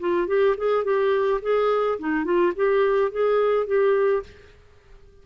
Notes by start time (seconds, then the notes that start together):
0.00 F4
0.28 G4
0.58 G#4
0.84 G4
1.42 G#4
1.99 D#4
2.25 F4
2.56 G4
3.12 G#4
3.67 G4